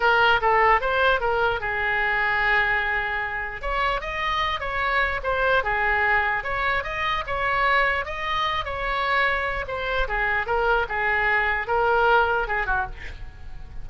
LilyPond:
\new Staff \with { instrumentName = "oboe" } { \time 4/4 \tempo 4 = 149 ais'4 a'4 c''4 ais'4 | gis'1~ | gis'4 cis''4 dis''4. cis''8~ | cis''4 c''4 gis'2 |
cis''4 dis''4 cis''2 | dis''4. cis''2~ cis''8 | c''4 gis'4 ais'4 gis'4~ | gis'4 ais'2 gis'8 fis'8 | }